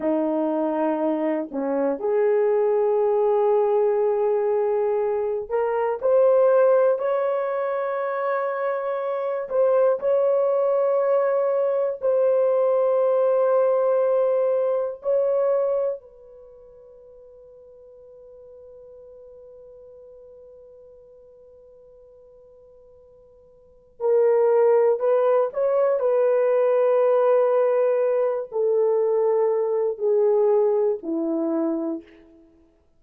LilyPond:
\new Staff \with { instrumentName = "horn" } { \time 4/4 \tempo 4 = 60 dis'4. cis'8 gis'2~ | gis'4. ais'8 c''4 cis''4~ | cis''4. c''8 cis''2 | c''2. cis''4 |
b'1~ | b'1 | ais'4 b'8 cis''8 b'2~ | b'8 a'4. gis'4 e'4 | }